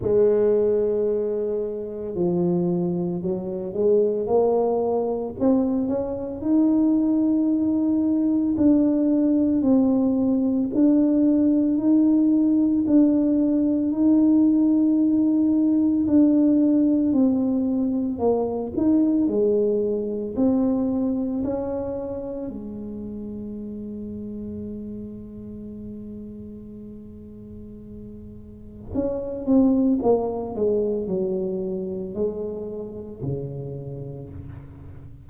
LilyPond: \new Staff \with { instrumentName = "tuba" } { \time 4/4 \tempo 4 = 56 gis2 f4 fis8 gis8 | ais4 c'8 cis'8 dis'2 | d'4 c'4 d'4 dis'4 | d'4 dis'2 d'4 |
c'4 ais8 dis'8 gis4 c'4 | cis'4 gis2.~ | gis2. cis'8 c'8 | ais8 gis8 fis4 gis4 cis4 | }